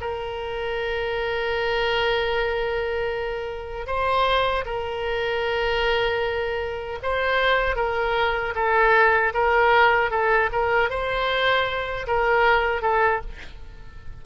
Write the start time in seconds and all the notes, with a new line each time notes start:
0.00 A#4
3.86 C5
4.65 A#4
7.02 C5
7.75 A#4
8.55 A4
9.33 A#4
10.11 A4
10.52 A#4
10.89 C5
12.06 A#4
12.81 A4